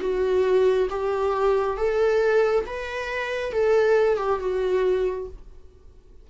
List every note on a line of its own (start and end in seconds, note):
0.00 0.88 F#4
0.90 1.77 G4
1.77 2.65 A4
2.66 3.53 B4
3.53 4.17 A4
4.17 4.39 G4
4.40 5.28 F#4